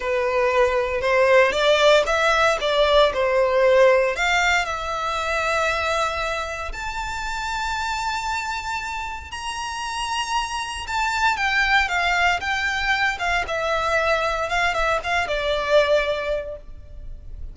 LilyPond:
\new Staff \with { instrumentName = "violin" } { \time 4/4 \tempo 4 = 116 b'2 c''4 d''4 | e''4 d''4 c''2 | f''4 e''2.~ | e''4 a''2.~ |
a''2 ais''2~ | ais''4 a''4 g''4 f''4 | g''4. f''8 e''2 | f''8 e''8 f''8 d''2~ d''8 | }